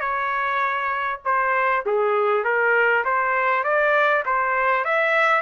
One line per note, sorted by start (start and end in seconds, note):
0.00 1.20 C#5
1.25 1.85 C5
1.86 2.44 G#4
2.44 3.04 A#4
3.05 3.64 C5
3.64 4.24 D5
4.25 4.85 C5
4.85 5.41 E5